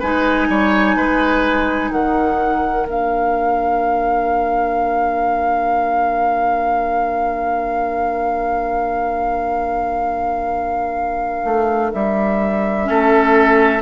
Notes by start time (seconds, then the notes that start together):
0.00 G#3 D#4 B4 G#5
0.49 G3 C#5
0.96 G#3 B4
1.91 D#3 A#4 F#5
2.87 A#3 D4 F5
11.45 A3
11.93 G3 E5
12.84 A3 C#4 A4